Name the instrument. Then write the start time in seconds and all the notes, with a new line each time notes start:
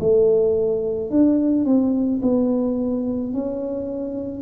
tuba
0.00 A3
1.11 D4
1.65 C4
2.22 B3
3.34 C#4